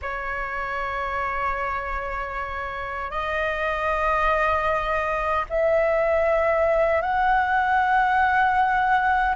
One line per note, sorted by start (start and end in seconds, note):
0.02 3.11 C#5
3.11 5.44 D#5
5.49 7.01 E5
7.01 9.35 F#5